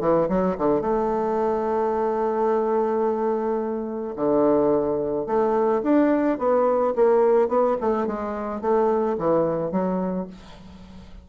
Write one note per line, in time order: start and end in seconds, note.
0.00 0.28 E3
0.28 0.56 F#3
0.58 0.81 D3
0.81 4.14 A3
4.16 5.26 D3
5.26 5.81 A3
5.83 6.38 D4
6.38 6.93 B3
6.95 7.48 A#3
7.48 7.76 B3
7.81 8.07 A3
8.07 8.61 G#3
8.61 9.16 A3
9.18 9.71 E3
9.71 10.27 F#3